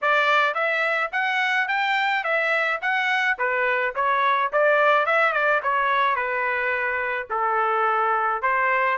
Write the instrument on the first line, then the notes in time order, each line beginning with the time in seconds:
trumpet
0.01 D5
0.54 E5
1.12 F#5
1.67 G5
2.24 E5
2.81 F#5
3.38 B4
3.95 C#5
4.52 D5
5.06 E5
5.32 D5
5.62 C#5
6.15 B4
7.29 A4
8.42 C5